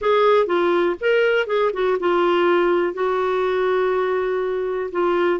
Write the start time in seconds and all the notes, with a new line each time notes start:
0.01 G#4
0.46 F4
1.00 A#4
1.46 G#4
1.73 F#4
1.99 F4
2.93 F#4
4.91 F4